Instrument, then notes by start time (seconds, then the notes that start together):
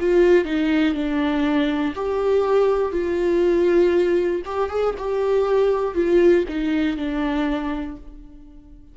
viola
0.00 F4
0.45 D#4
0.94 D4
1.95 G4
2.92 F4
4.45 G4
4.70 G#4
4.98 G4
5.95 F4
6.49 D#4
6.97 D4